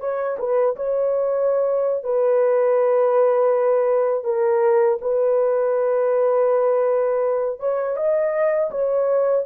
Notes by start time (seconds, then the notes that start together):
0.00 C#5
0.39 B4
0.76 C#5
2.04 B4
4.24 A#4
5.01 B4
7.60 C#5
7.96 D#5
8.71 C#5